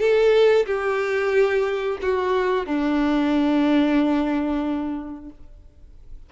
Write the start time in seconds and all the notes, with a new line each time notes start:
0.00 A4
0.66 G4
2.02 F#4
2.66 D4